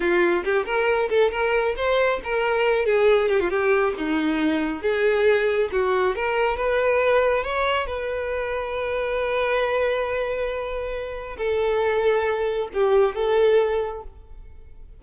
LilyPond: \new Staff \with { instrumentName = "violin" } { \time 4/4 \tempo 4 = 137 f'4 g'8 ais'4 a'8 ais'4 | c''4 ais'4. gis'4 g'16 f'16 | g'4 dis'2 gis'4~ | gis'4 fis'4 ais'4 b'4~ |
b'4 cis''4 b'2~ | b'1~ | b'2 a'2~ | a'4 g'4 a'2 | }